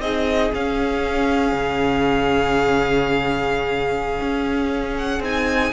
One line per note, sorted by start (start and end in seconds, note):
0.00 0.51 C4
0.00 0.52 D#4
0.00 5.73 G#4
0.00 0.51 D#5
0.54 5.23 C#4
0.54 1.52 C#4
0.54 4.97 F5
1.52 4.19 C#3
4.21 5.19 C#4
4.97 5.22 F#5
5.19 5.70 C4
5.19 5.73 D#4
5.19 5.73 G#5